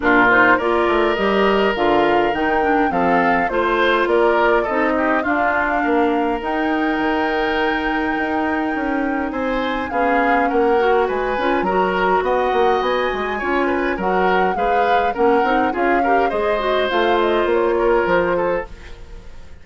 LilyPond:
<<
  \new Staff \with { instrumentName = "flute" } { \time 4/4 \tempo 4 = 103 ais'8 c''8 d''4 dis''4 f''4 | g''4 f''4 c''4 d''4 | dis''4 f''2 g''4~ | g''1 |
gis''4 f''4 fis''4 gis''4 | ais''4 fis''4 gis''2 | fis''4 f''4 fis''4 f''4 | dis''4 f''8 dis''8 cis''4 c''4 | }
  \new Staff \with { instrumentName = "oboe" } { \time 4/4 f'4 ais'2.~ | ais'4 a'4 c''4 ais'4 | a'8 g'8 f'4 ais'2~ | ais'1 |
c''4 gis'4 ais'4 b'4 | ais'4 dis''2 cis''8 b'8 | ais'4 b'4 ais'4 gis'8 ais'8 | c''2~ c''8 ais'4 a'8 | }
  \new Staff \with { instrumentName = "clarinet" } { \time 4/4 d'8 dis'8 f'4 g'4 f'4 | dis'8 d'8 c'4 f'2 | dis'4 d'2 dis'4~ | dis'1~ |
dis'4 cis'4. fis'4 f'8 | fis'2. f'4 | fis'4 gis'4 cis'8 dis'8 f'8 g'8 | gis'8 fis'8 f'2. | }
  \new Staff \with { instrumentName = "bassoon" } { \time 4/4 ais,4 ais8 a8 g4 d4 | dis4 f4 a4 ais4 | c'4 d'4 ais4 dis'4 | dis2 dis'4 cis'4 |
c'4 b4 ais4 gis8 cis'8 | fis4 b8 ais8 b8 gis8 cis'4 | fis4 gis4 ais8 c'8 cis'4 | gis4 a4 ais4 f4 | }
>>